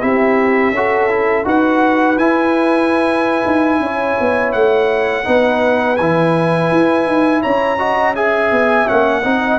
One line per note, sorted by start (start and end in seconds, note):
0.00 0.71 C4
0.00 0.72 E4
0.00 0.74 G4
0.00 1.45 E5
0.71 1.43 C#4
0.71 1.09 F#4
0.71 1.46 A4
1.09 1.44 E4
1.44 2.17 D#4
1.44 2.16 F#4
1.44 3.81 B4
1.44 2.18 F#5
2.17 3.43 E4
2.17 5.24 E4
2.17 4.52 G#5
3.45 3.80 D#4
3.80 4.16 C#4
3.80 5.26 C#5
4.20 4.54 B3
4.52 5.26 A3
4.52 5.96 F#5
5.24 5.99 B3
5.24 5.97 D#4
5.24 7.42 B4
5.96 6.71 E3
5.96 7.78 E4
5.96 7.41 G#5
6.71 7.06 E4
7.06 7.42 D#4
7.42 8.51 C#4
7.42 7.78 C#5
7.42 8.14 A#5
7.78 8.14 F#4
7.78 8.14 D#5
8.15 8.86 G#4
8.15 9.23 E5
8.15 8.87 G#5
8.51 8.87 B3
8.86 9.24 A#3
8.86 9.22 C#4
8.86 9.58 F#5
9.23 9.58 C4
9.23 9.58 D#4
9.23 9.58 D#5